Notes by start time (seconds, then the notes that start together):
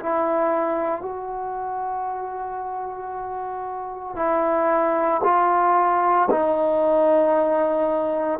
0.00 E4
1.02 F#4
4.16 E4
5.24 F4
6.31 D#4